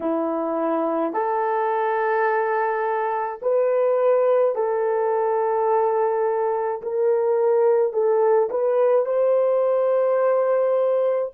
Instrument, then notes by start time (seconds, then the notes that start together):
horn
0.00 E4
1.13 A4
3.42 B4
4.55 A4
6.82 A#4
7.92 A4
8.50 B4
9.05 C5